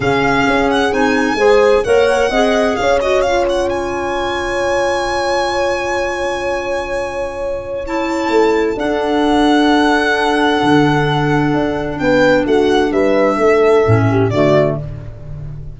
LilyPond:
<<
  \new Staff \with { instrumentName = "violin" } { \time 4/4 \tempo 4 = 130 f''4. fis''8 gis''2 | fis''2 f''8 dis''8 f''8 fis''8 | gis''1~ | gis''1~ |
gis''4 a''2 fis''4~ | fis''1~ | fis''2 g''4 fis''4 | e''2. d''4 | }
  \new Staff \with { instrumentName = "horn" } { \time 4/4 gis'2. c''4 | cis''4 dis''4 cis''2~ | cis''1~ | cis''1~ |
cis''2. a'4~ | a'1~ | a'2 b'4 fis'4 | b'4 a'4. g'8 fis'4 | }
  \new Staff \with { instrumentName = "clarinet" } { \time 4/4 cis'2 dis'4 gis'4 | ais'4 gis'4. fis'8 f'4~ | f'1~ | f'1~ |
f'4 e'2 d'4~ | d'1~ | d'1~ | d'2 cis'4 a4 | }
  \new Staff \with { instrumentName = "tuba" } { \time 4/4 cis4 cis'4 c'4 gis4 | ais4 c'4 cis'2~ | cis'1~ | cis'1~ |
cis'2 a4 d'4~ | d'2. d4~ | d4 d'4 b4 a4 | g4 a4 a,4 d4 | }
>>